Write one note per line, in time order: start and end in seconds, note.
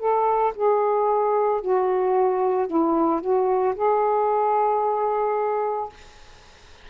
0.00 0.54 A4
0.56 1.62 G#4
1.62 2.67 F#4
2.67 3.21 E4
3.21 3.75 F#4
3.75 5.90 G#4